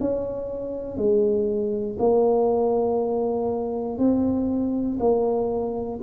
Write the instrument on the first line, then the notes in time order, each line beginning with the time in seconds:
tuba
0.00 C#4
0.97 G#3
1.99 A#3
3.99 C4
5.00 A#3